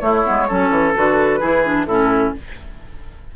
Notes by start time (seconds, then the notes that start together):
0.00 A3 E4 C#5
0.24 G#3 B3
0.48 F#3 C#4 A4
0.70 E3
0.94 D3 F#4 B4
1.39 E3 E4 G#4
1.64 D4
1.85 A2 C#4 E4 A4